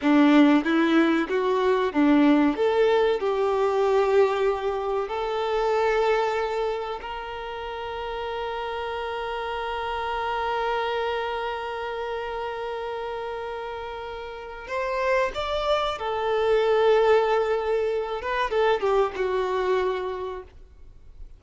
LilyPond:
\new Staff \with { instrumentName = "violin" } { \time 4/4 \tempo 4 = 94 d'4 e'4 fis'4 d'4 | a'4 g'2. | a'2. ais'4~ | ais'1~ |
ais'1~ | ais'2. c''4 | d''4 a'2.~ | a'8 b'8 a'8 g'8 fis'2 | }